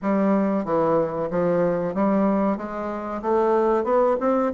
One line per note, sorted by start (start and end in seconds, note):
0.01 0.64 G3
0.64 1.29 E3
1.30 1.94 F3
1.94 2.57 G3
2.57 3.21 G#3
3.22 3.84 A3
3.84 4.16 B3
4.20 4.52 C4